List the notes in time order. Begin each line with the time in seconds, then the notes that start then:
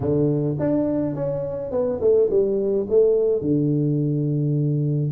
0.00 D3
0.59 D4
1.15 C#4
1.71 B3
2.00 A3
2.29 G3
2.89 A3
3.41 D3